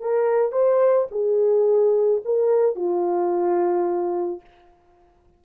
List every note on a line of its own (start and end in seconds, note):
0.00 0.52 A#4
0.52 1.07 C5
1.11 2.21 G#4
2.25 2.75 A#4
2.75 4.41 F4